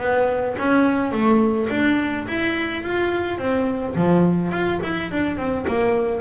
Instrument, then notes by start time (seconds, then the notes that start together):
double bass
0.00 B3
0.59 C#4
1.12 A3
1.70 D4
2.28 E4
2.84 F4
3.39 C4
3.96 F3
4.52 F4
4.84 E4
5.12 D4
5.37 C4
5.68 A#3